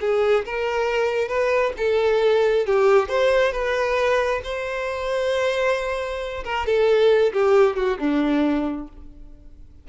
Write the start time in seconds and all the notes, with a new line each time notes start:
0.00 G#4
0.45 A#4
1.28 B4
1.77 A4
2.66 G4
3.08 C5
3.52 B4
4.43 C5
6.44 A#4
6.66 A4
7.33 G4
7.76 F#4
7.99 D4